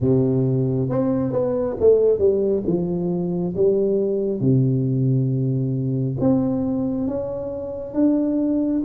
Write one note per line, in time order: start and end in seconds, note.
0.00 0.89 C3
0.89 1.32 C4
1.32 1.76 B3
1.80 2.19 A3
2.19 2.63 G3
2.66 3.54 F3
3.56 4.40 G3
4.40 6.16 C3
6.20 7.07 C4
7.07 7.94 C#4
7.94 8.82 D4